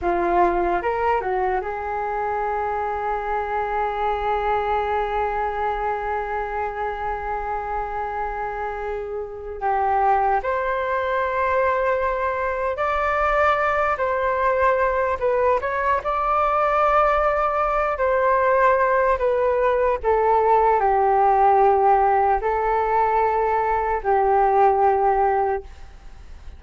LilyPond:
\new Staff \with { instrumentName = "flute" } { \time 4/4 \tempo 4 = 75 f'4 ais'8 fis'8 gis'2~ | gis'1~ | gis'1 | g'4 c''2. |
d''4. c''4. b'8 cis''8 | d''2~ d''8 c''4. | b'4 a'4 g'2 | a'2 g'2 | }